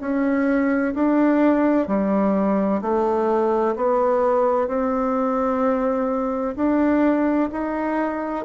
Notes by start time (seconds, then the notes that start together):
0.00 C#4
0.94 D4
1.87 G3
2.81 A3
3.76 B3
4.67 C4
6.55 D4
7.52 D#4